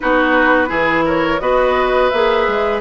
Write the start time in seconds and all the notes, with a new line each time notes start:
0.00 B3 D#4 F#4 B4
0.67 E3 E4 G#4
1.05 A#4 C#5
1.39 B3 F#4 B4 D#5
2.10 A#3 G#4 E5
2.47 G#3